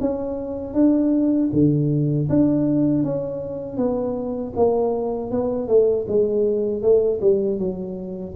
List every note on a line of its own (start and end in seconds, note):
0.00 0.74 C#4
0.74 1.49 D4
1.53 2.29 D3
2.29 3.03 D4
3.03 3.77 C#4
3.77 4.53 B3
4.56 5.31 A#3
5.31 5.68 B3
5.68 6.06 A3
6.08 6.82 G#3
6.82 7.20 A3
7.21 7.58 G3
7.58 8.34 F#3